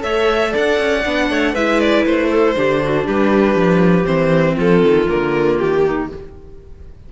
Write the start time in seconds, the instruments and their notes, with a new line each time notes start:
0.00 cello A3, viola A4, clarinet C#5, violin E5
0.52 cello D4, clarinet D5, violin F#5
0.79 cello C#4
1.05 cello B3, viola D4
1.30 cello A3, clarinet C#5
1.53 cello G#3, viola E4, clarinet B4, violin E5
1.80 violin D5
2.06 cello A3, violin C5
2.30 clarinet A4
2.55 cello D3, viola D4, clarinet G4
2.84 clarinet F#4
3.05 cello G3, clarinet G4, violin B4
3.55 cello F3
4.04 cello E3, viola C4, violin C5
4.55 cello F3, clarinet F4, violin A4
4.83 cello D#3
5.08 cello D3, viola A#3, violin A#4
5.58 cello D#3, violin G4
5.84 clarinet D#4